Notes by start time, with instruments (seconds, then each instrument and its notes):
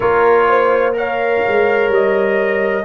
0.00 tuba A#3, trombone F4, horn A#4, trumpet C#5
0.48 horn C5
0.92 trombone A#4, horn C#5, trumpet F5
1.47 tuba G#3
1.88 tuba G3, trumpet D#5